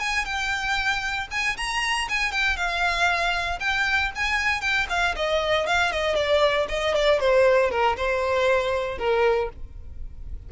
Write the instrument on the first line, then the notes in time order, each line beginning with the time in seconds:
violin
0.00 G#5
0.25 G5
1.31 G#5
1.57 A#5
2.09 G#5
2.32 G5
2.56 F5
3.60 G5
4.15 G#5
4.61 G5
4.90 F5
5.16 D#5
5.66 F5
5.92 D#5
6.15 D5
6.69 D#5
6.94 D5
7.20 C5
7.71 A#4
7.97 C5
8.98 A#4